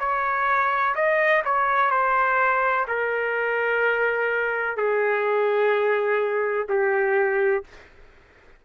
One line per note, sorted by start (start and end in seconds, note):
0.00 0.95 C#5
0.96 1.43 D#5
1.45 1.91 C#5
1.91 2.86 C5
2.88 4.77 A#4
4.77 6.68 G#4
6.69 7.65 G4